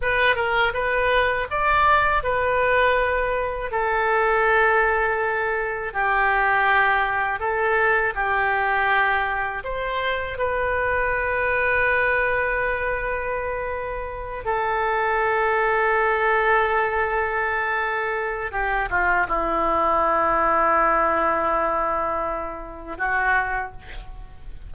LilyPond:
\new Staff \with { instrumentName = "oboe" } { \time 4/4 \tempo 4 = 81 b'8 ais'8 b'4 d''4 b'4~ | b'4 a'2. | g'2 a'4 g'4~ | g'4 c''4 b'2~ |
b'2.~ b'8 a'8~ | a'1~ | a'4 g'8 f'8 e'2~ | e'2. fis'4 | }